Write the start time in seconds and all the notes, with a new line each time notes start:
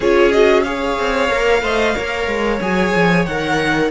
0.00 C#4 F4 G#4 C#5
0.32 F#4 D#5
0.62 G#4 C#5 F5
0.99 C4
1.29 A#3 A#4
1.62 A3 C5 D#5
1.95 A#3 A#4 C#5
2.26 G#3
2.60 F#3 G#4 G#5
2.94 F3
3.25 D#3 A#4 F#5